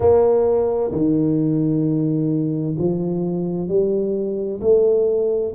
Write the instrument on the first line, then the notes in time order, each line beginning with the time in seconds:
tuba
0.00 A#3
0.91 D#3
2.78 F3
3.68 G3
4.61 A3